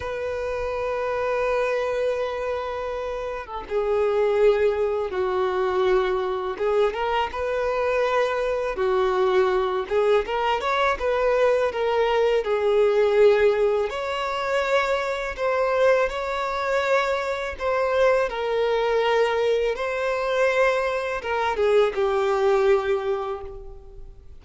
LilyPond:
\new Staff \with { instrumentName = "violin" } { \time 4/4 \tempo 4 = 82 b'1~ | b'8. a'16 gis'2 fis'4~ | fis'4 gis'8 ais'8 b'2 | fis'4. gis'8 ais'8 cis''8 b'4 |
ais'4 gis'2 cis''4~ | cis''4 c''4 cis''2 | c''4 ais'2 c''4~ | c''4 ais'8 gis'8 g'2 | }